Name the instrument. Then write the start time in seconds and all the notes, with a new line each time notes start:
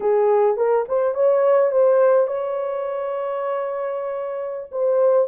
horn
0.00 G#4
0.56 A#4
0.88 C5
1.14 C#5
1.71 C5
2.27 C#5
4.71 C5